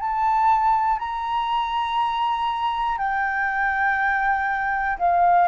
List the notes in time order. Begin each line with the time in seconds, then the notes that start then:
0.00 A5
0.99 A#5
2.98 G5
4.99 F5